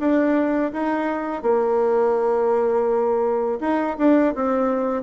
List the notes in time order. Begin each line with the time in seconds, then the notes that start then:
0.00 D4
0.73 D#4
1.43 A#3
3.61 D#4
3.99 D4
4.35 C4